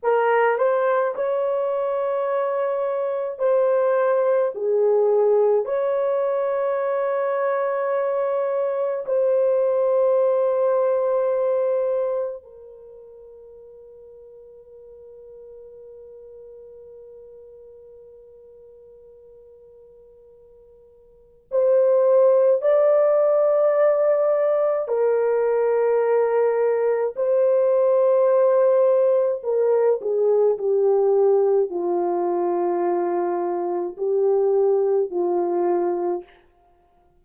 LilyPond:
\new Staff \with { instrumentName = "horn" } { \time 4/4 \tempo 4 = 53 ais'8 c''8 cis''2 c''4 | gis'4 cis''2. | c''2. ais'4~ | ais'1~ |
ais'2. c''4 | d''2 ais'2 | c''2 ais'8 gis'8 g'4 | f'2 g'4 f'4 | }